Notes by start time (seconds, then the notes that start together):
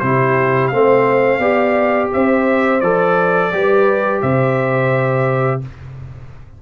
0.00 C3 E4 C5
0.06 G4
0.68 A3 C4 F5
0.75 C5
1.39 B3 G4 D5
2.12 C4 C5 E5
2.81 F3 A4 D5
3.52 G3 G4 B4
4.22 C3 C5 E5